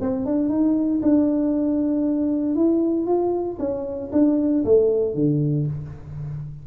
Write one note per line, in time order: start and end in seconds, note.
0.00 0.25 C4
0.25 0.49 D4
0.49 1.00 D#4
1.02 2.55 D4
2.55 3.06 E4
3.06 3.58 F4
3.59 4.11 C#4
4.12 4.64 D4
4.64 5.14 A3
5.14 5.66 D3